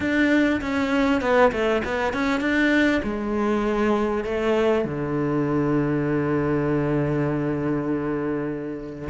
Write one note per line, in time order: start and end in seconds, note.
0.00 0.60 D4
0.61 1.21 C#4
1.21 1.51 B3
1.52 1.82 A3
1.84 2.13 B3
2.13 2.40 C#4
2.40 3.01 D4
3.03 4.24 G#3
4.24 4.84 A3
4.84 9.09 D3